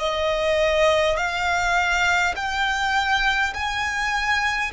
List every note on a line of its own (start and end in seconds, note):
0.00 1.18 D#5
1.18 2.35 F5
2.36 3.53 G5
3.54 4.72 G#5